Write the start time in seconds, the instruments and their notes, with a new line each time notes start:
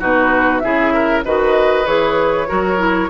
0.00 bassoon B2, clarinet D#4, oboe F#4, flute B4
0.59 bassoon C#3, clarinet E4, oboe G#4, flute E5
0.94 oboe A#4
1.25 bassoon D#3, clarinet F#4, oboe B4, flute D#5
1.86 bassoon E3, clarinet G#4, flute C#5
2.48 bassoon F#3, clarinet F#4, oboe A#4
2.78 clarinet E4